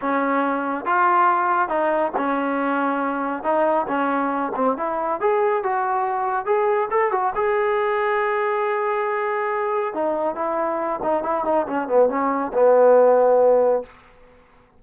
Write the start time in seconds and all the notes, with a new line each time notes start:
0.01 C#4
0.85 F4
1.69 D#4
2.17 C#4
3.43 D#4
3.87 C#4
4.55 C4
4.77 E4
5.20 G#4
5.63 F#4
6.45 G#4
6.91 A4
7.11 F#4
7.35 G#4
9.94 D#4
10.35 E4
11.02 D#4
11.23 E4
11.44 D#4
11.66 C#4
11.88 B3
12.09 C#4
12.53 B3